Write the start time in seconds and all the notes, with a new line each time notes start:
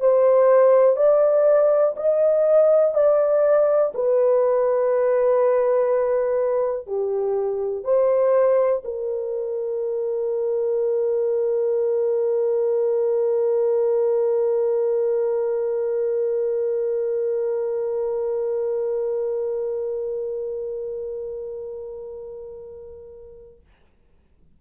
0.00 C5
0.96 D5
1.96 D#5
2.94 D5
3.94 B4
6.87 G4
7.84 C5
8.84 A#4